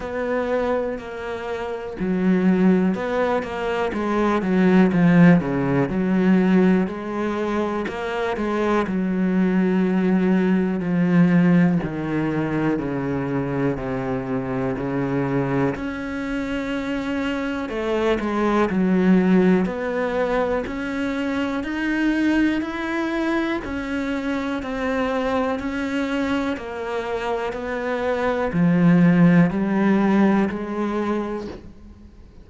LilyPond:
\new Staff \with { instrumentName = "cello" } { \time 4/4 \tempo 4 = 61 b4 ais4 fis4 b8 ais8 | gis8 fis8 f8 cis8 fis4 gis4 | ais8 gis8 fis2 f4 | dis4 cis4 c4 cis4 |
cis'2 a8 gis8 fis4 | b4 cis'4 dis'4 e'4 | cis'4 c'4 cis'4 ais4 | b4 f4 g4 gis4 | }